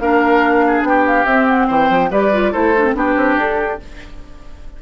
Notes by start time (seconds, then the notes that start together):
0.00 A#3 D4 A#4 F5
0.67 G#4
0.82 B3 G5
0.88 G4
1.07 F5
1.26 C4 E5
1.48 F#5
1.68 E3 C5 G5
1.90 F3
2.11 G3 G4 B4 D5
2.33 F4
2.52 A3 E4 A4 C5
2.77 D4
2.85 C4
2.95 B3 D4 G4 B4
3.17 C4
3.37 D4 A4